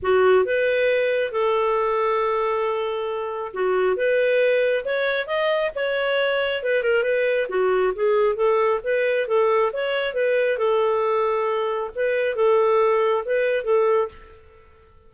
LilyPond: \new Staff \with { instrumentName = "clarinet" } { \time 4/4 \tempo 4 = 136 fis'4 b'2 a'4~ | a'1 | fis'4 b'2 cis''4 | dis''4 cis''2 b'8 ais'8 |
b'4 fis'4 gis'4 a'4 | b'4 a'4 cis''4 b'4 | a'2. b'4 | a'2 b'4 a'4 | }